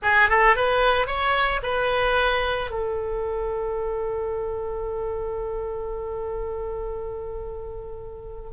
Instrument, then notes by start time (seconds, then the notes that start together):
oboe
0.02 G#4
0.29 A4
0.56 B4
1.06 C#5
1.62 B4
2.70 A4